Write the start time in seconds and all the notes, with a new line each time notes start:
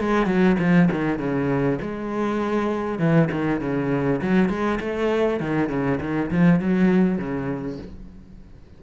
0.00 G#3
0.26 F#3
0.59 F3
0.91 D#3
1.19 C#3
1.82 G#3
2.99 E3
3.32 D#3
3.61 C#3
4.22 F#3
4.49 G#3
4.80 A3
5.40 D#3
5.69 C#3
6.01 D#3
6.31 F3
6.60 F#3
7.18 C#3